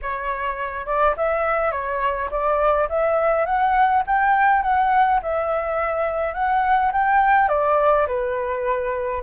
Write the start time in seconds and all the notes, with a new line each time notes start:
0.02 C#5
0.85 D5
1.16 E5
1.72 C#5
2.31 D5
2.89 E5
3.45 F#5
4.06 G5
4.62 F#5
5.22 E5
6.34 F#5
6.92 G5
7.48 D5
8.07 B4